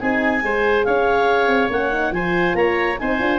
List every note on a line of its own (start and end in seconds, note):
0.00 0.43 C4
0.00 0.43 D#4
0.00 0.43 G#4
0.00 0.85 G#5
0.43 0.86 G#3
0.43 1.72 G#4
0.43 0.87 C5
0.85 1.48 C#4
0.85 2.14 C#5
0.85 1.70 F5
1.48 1.69 C4
1.70 2.12 A#3
1.70 1.91 C#4
1.70 2.14 F#5
1.91 2.13 D#4
2.12 2.54 F3
2.12 2.98 F4
2.12 2.57 C5
2.12 2.56 G#5
2.55 2.97 A#3
2.55 3.00 C#5
2.55 2.98 A#5
2.99 3.21 C4
2.99 3.19 D#4
2.99 3.39 C5
2.99 3.39 G#5
3.19 3.39 D4
3.19 3.39 F4